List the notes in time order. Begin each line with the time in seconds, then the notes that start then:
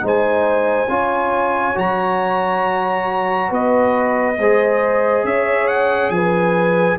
0.00 G#3 D#4 C5
0.07 G#5
0.89 C#4 F4 C#5
1.74 F#3 F#4 A#5
3.49 B3 B4 D#5
4.38 G#3 G#4 C5
5.24 C#4 C#5 E5
5.68 F#5
6.10 F3 B4 G#5